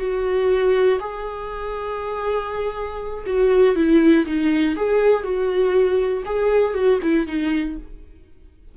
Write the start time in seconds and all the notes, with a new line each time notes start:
0.00 F#4
1.00 G#4
3.27 F#4
3.76 E4
4.26 D#4
4.77 G#4
5.24 F#4
6.26 G#4
6.75 F#4
7.02 E4
7.27 D#4